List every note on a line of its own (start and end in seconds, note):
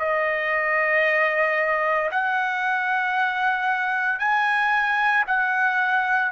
0.00 2.11 D#5
2.12 4.20 F#5
4.20 5.25 G#5
5.27 6.32 F#5